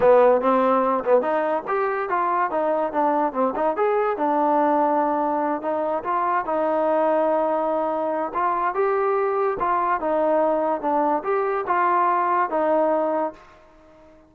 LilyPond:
\new Staff \with { instrumentName = "trombone" } { \time 4/4 \tempo 4 = 144 b4 c'4. b8 dis'4 | g'4 f'4 dis'4 d'4 | c'8 dis'8 gis'4 d'2~ | d'4. dis'4 f'4 dis'8~ |
dis'1 | f'4 g'2 f'4 | dis'2 d'4 g'4 | f'2 dis'2 | }